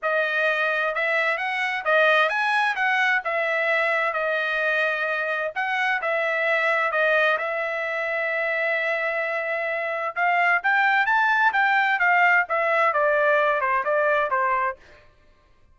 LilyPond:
\new Staff \with { instrumentName = "trumpet" } { \time 4/4 \tempo 4 = 130 dis''2 e''4 fis''4 | dis''4 gis''4 fis''4 e''4~ | e''4 dis''2. | fis''4 e''2 dis''4 |
e''1~ | e''2 f''4 g''4 | a''4 g''4 f''4 e''4 | d''4. c''8 d''4 c''4 | }